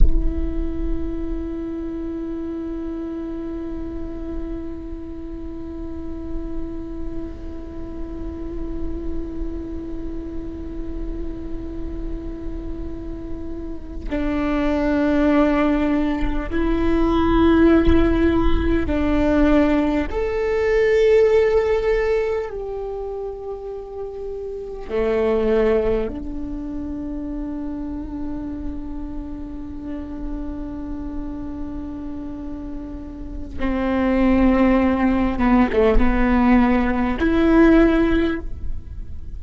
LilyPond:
\new Staff \with { instrumentName = "viola" } { \time 4/4 \tempo 4 = 50 e'1~ | e'1~ | e'2.~ e'8. d'16~ | d'4.~ d'16 e'2 d'16~ |
d'8. a'2 g'4~ g'16~ | g'8. a4 d'2~ d'16~ | d'1 | c'4. b16 a16 b4 e'4 | }